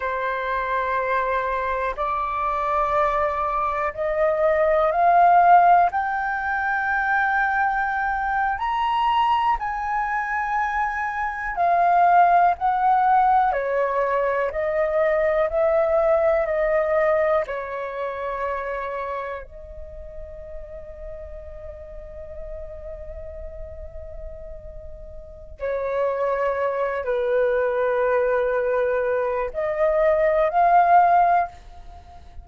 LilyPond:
\new Staff \with { instrumentName = "flute" } { \time 4/4 \tempo 4 = 61 c''2 d''2 | dis''4 f''4 g''2~ | g''8. ais''4 gis''2 f''16~ | f''8. fis''4 cis''4 dis''4 e''16~ |
e''8. dis''4 cis''2 dis''16~ | dis''1~ | dis''2 cis''4. b'8~ | b'2 dis''4 f''4 | }